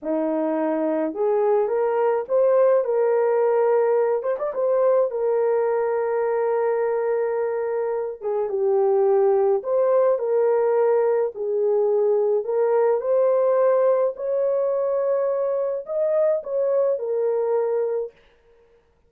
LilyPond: \new Staff \with { instrumentName = "horn" } { \time 4/4 \tempo 4 = 106 dis'2 gis'4 ais'4 | c''4 ais'2~ ais'8 c''16 d''16 | c''4 ais'2.~ | ais'2~ ais'8 gis'8 g'4~ |
g'4 c''4 ais'2 | gis'2 ais'4 c''4~ | c''4 cis''2. | dis''4 cis''4 ais'2 | }